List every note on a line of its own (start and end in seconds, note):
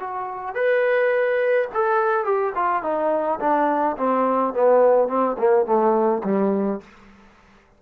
0.00 0.55 F#4
0.55 1.68 B4
1.74 2.25 A4
2.25 2.53 G4
2.55 2.83 F4
2.83 3.40 D#4
3.40 3.97 D4
3.97 4.54 C4
4.54 5.08 B3
5.08 5.37 C4
5.39 5.66 A#3
5.66 6.23 A3
6.24 6.81 G3